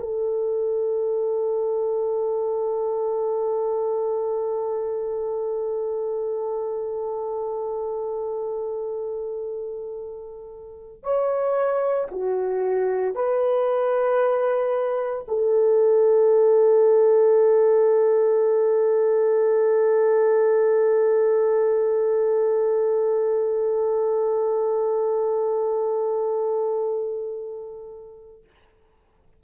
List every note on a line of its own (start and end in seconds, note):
0.00 11.03 A4
11.03 12.09 C#5
12.11 13.15 F#4
13.15 15.26 B4
15.28 28.44 A4